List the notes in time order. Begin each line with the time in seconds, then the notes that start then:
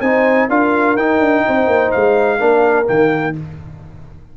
0.00 C4 D#4 C5 G#5
0.49 D4 F4 A#4 F5
0.96 D#4 G5
1.19 D4
1.46 C4 C5
1.66 A#3
1.91 G#3 F5
2.39 A#3 D4 A#4
2.85 D#3 A#3 G5